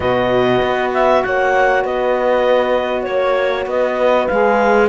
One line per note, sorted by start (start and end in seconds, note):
0.00 0.61 B2
0.00 4.28 F#4
0.00 1.22 B4
0.00 0.89 D#5
0.61 1.23 B3
0.93 1.23 E5
1.23 1.84 A#3
1.23 1.83 C#5
1.23 1.84 F#5
1.83 3.06 B3
1.83 3.05 B4
1.83 3.02 D#5
3.02 3.66 A#3
3.02 3.64 C#5
3.02 3.66 C#5
3.66 4.27 B3
3.66 4.88 B4
3.66 4.27 D#5
4.27 4.88 G#3
4.27 4.88 G#4
4.27 4.88 F5